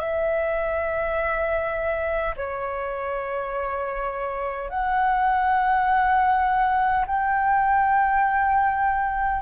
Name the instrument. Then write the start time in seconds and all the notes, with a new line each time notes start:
flute
0.00 E5
2.37 C#5
4.70 F#5
7.07 G5